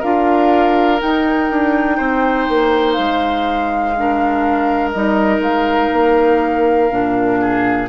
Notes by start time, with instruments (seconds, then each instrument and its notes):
0.00 bassoon D4, clarinet F4, oboe A#4, flute F5
0.99 clarinet D#4, bassoon D#4, flute G5
1.50 bassoon D4
1.98 bassoon C4, oboe C5
2.49 bassoon A#3
2.93 bassoon G#3, flute F5
3.97 clarinet D4, oboe A#4
4.91 bassoon G3, clarinet D#4, flute D#5
5.39 bassoon G#3, flute F5
5.93 bassoon A#3
6.90 bassoon A#2, clarinet D4
7.41 oboe G#4